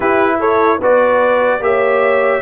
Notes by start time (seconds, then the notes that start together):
0.00 E4 G4 B4
0.39 A4 C#5
0.78 B3 F#4 B4 D5
1.60 A#3 G4 C#5 E5